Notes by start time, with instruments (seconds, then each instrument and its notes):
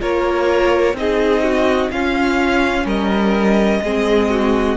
0.00 cello A#3, viola F4, violin A#4 C#5
0.93 cello C4, viola D#4, violin D#5
1.00 violin G#4
1.43 violin F#4
1.91 cello C#4, viola C#4, violin F4 F5
2.85 cello G3, violin A#4 D#5
3.82 cello G#3, viola C4, violin G#4
4.30 violin F#4